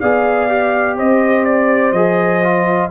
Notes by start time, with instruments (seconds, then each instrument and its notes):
0.00 tuba B3, trombone G#4, horn D5, trumpet F5
0.49 trombone G4
0.97 tuba C4, horn C5, trumpet D#5
1.45 trumpet D5
1.92 tuba F3, trombone G#4, trumpet D#5
2.43 trombone F4